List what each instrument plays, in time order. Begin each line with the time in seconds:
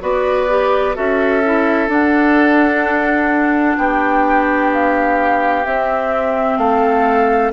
0.00 bassoon B3, clarinet F#4, oboe B4, flute D5
0.48 clarinet G4
0.94 bassoon C#4, clarinet F#4, oboe A4, flute E5
1.45 clarinet E4
1.87 clarinet D4, bassoon D4, flute F#5
3.77 bassoon B3, oboe G4, flute G5
4.72 flute F5
5.65 clarinet C4, bassoon C4, flute E5
6.57 bassoon A3, oboe A4, flute F5